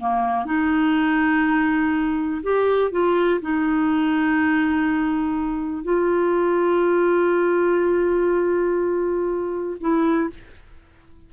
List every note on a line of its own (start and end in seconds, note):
0.00 0.45 A#3
0.45 2.42 D#4
2.43 2.92 G4
2.92 3.41 F4
3.41 5.84 D#4
5.84 9.77 F4
9.81 10.30 E4